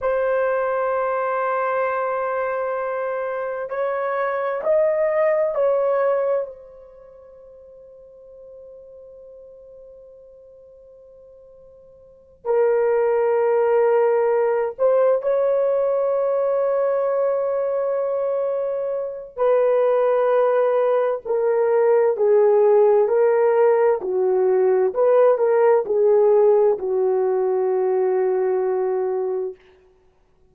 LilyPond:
\new Staff \with { instrumentName = "horn" } { \time 4/4 \tempo 4 = 65 c''1 | cis''4 dis''4 cis''4 c''4~ | c''1~ | c''4. ais'2~ ais'8 |
c''8 cis''2.~ cis''8~ | cis''4 b'2 ais'4 | gis'4 ais'4 fis'4 b'8 ais'8 | gis'4 fis'2. | }